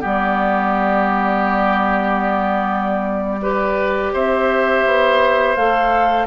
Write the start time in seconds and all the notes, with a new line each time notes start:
0.00 G3 B3 G4
0.07 D5
3.42 G4 B4
4.13 C4 C5 E5
4.85 B3
5.55 A3 A4 F5